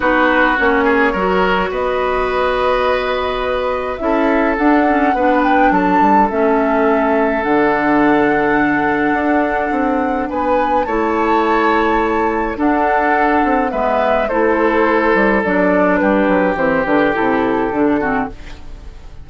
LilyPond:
<<
  \new Staff \with { instrumentName = "flute" } { \time 4/4 \tempo 4 = 105 b'4 cis''2 dis''4~ | dis''2. e''4 | fis''4. g''8 a''4 e''4~ | e''4 fis''2.~ |
fis''2 gis''4 a''4~ | a''2 fis''2 | e''4 c''2 d''4 | b'4 c''8 b'8 a'2 | }
  \new Staff \with { instrumentName = "oboe" } { \time 4/4 fis'4. gis'8 ais'4 b'4~ | b'2. a'4~ | a'4 b'4 a'2~ | a'1~ |
a'2 b'4 cis''4~ | cis''2 a'2 | b'4 a'2. | g'2.~ g'8 fis'8 | }
  \new Staff \with { instrumentName = "clarinet" } { \time 4/4 dis'4 cis'4 fis'2~ | fis'2. e'4 | d'8 cis'8 d'2 cis'4~ | cis'4 d'2.~ |
d'2. e'4~ | e'2 d'2 | b4 e'2 d'4~ | d'4 c'8 d'8 e'4 d'8 c'8 | }
  \new Staff \with { instrumentName = "bassoon" } { \time 4/4 b4 ais4 fis4 b4~ | b2. cis'4 | d'4 b4 fis8 g8 a4~ | a4 d2. |
d'4 c'4 b4 a4~ | a2 d'4. c'8 | gis4 a4. g8 fis4 | g8 fis8 e8 d8 c4 d4 | }
>>